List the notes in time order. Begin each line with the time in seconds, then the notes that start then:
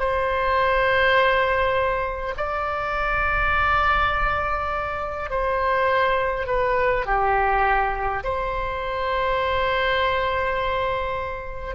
0.00 C5
2.37 D5
5.30 C5
6.47 B4
7.06 G4
8.24 C5